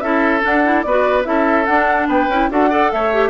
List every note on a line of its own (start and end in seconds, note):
0.00 0.42 C#4
0.00 0.41 E4
0.00 0.86 A4
0.00 0.41 E5
0.41 0.61 D4
0.41 0.84 D4
0.41 0.82 F#5
0.64 0.84 E4
0.82 1.26 B3
0.82 1.27 B4
0.82 1.23 D5
0.88 1.23 F#4
1.23 1.67 C#4
1.23 1.65 E4
1.23 2.08 A4
1.23 1.65 E5
1.65 2.07 D4
1.65 2.31 D4
1.65 2.07 F#5
2.07 2.28 B3
2.07 2.49 B4
2.07 2.51 G5
2.28 2.49 C#4
2.28 2.50 E4
2.50 2.91 D4
2.50 2.70 F#4
2.50 2.69 A4
2.50 2.92 F#5
2.69 3.11 A4
2.69 2.90 D5
2.92 3.29 A3
2.92 3.29 C#5
2.92 3.29 E5
3.12 3.29 G4